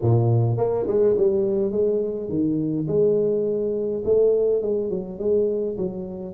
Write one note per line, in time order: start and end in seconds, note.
0.01 0.57 A#2
0.57 0.86 A#3
0.87 1.16 G#3
1.17 1.72 G3
1.72 2.29 G#3
2.29 2.86 D#3
2.87 4.03 G#3
4.04 4.62 A3
4.62 4.89 G#3
4.89 5.18 F#3
5.18 5.76 G#3
5.77 6.34 F#3